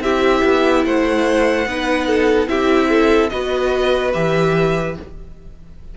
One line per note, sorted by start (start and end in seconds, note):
0.00 0.41 C4
0.00 1.68 E4
0.00 0.86 G4
0.00 0.85 E5
0.45 0.85 B3
0.85 1.67 A3
0.85 1.68 C5
0.85 2.48 F#5
1.67 2.48 B3
1.67 2.47 D#4
1.67 2.07 B4
2.07 2.48 A4
2.47 3.30 C4
2.47 3.29 E4
2.47 2.90 G4
2.47 3.29 E5
2.90 3.31 A4
3.29 4.15 B3
3.29 4.13 F#4
3.29 4.97 B4
3.29 4.12 D#5
4.13 4.97 E3
4.13 4.95 G4
4.13 4.95 E5